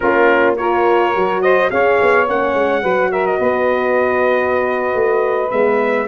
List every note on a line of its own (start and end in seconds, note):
0.00 1.15 A#3
0.00 0.57 C#4
0.00 0.57 F4
0.00 0.54 A#4
0.57 1.13 F4
0.57 1.42 A#4
0.57 1.41 C#5
1.13 1.70 F#3
1.13 1.69 F#4
1.41 1.70 C5
1.41 1.70 D#5
1.69 1.99 C#4
1.69 2.26 G#4
1.69 2.81 C#5
1.69 2.27 F5
2.01 2.28 B3
2.27 2.54 A#3
2.27 2.83 C#4
2.27 3.12 F#5
2.54 2.82 G#3
2.81 3.39 F#3
2.81 5.51 F#4
2.81 3.10 B4
3.11 3.38 A#4
3.11 3.26 E5
3.26 5.50 D#5
3.38 4.94 B3
3.38 6.07 B4
4.94 5.51 A3
5.50 6.08 G#3
5.50 6.08 B3
5.50 6.07 E5